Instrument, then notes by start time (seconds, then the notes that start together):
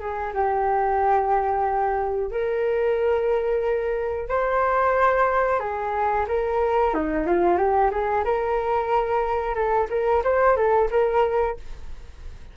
flute
0.00 G#4
0.34 G4
2.31 A#4
4.29 C5
5.60 G#4
6.28 A#4
6.94 D#4
7.27 F4
7.57 G4
7.91 G#4
8.25 A#4
9.55 A4
9.90 A#4
10.24 C5
10.56 A4
10.91 A#4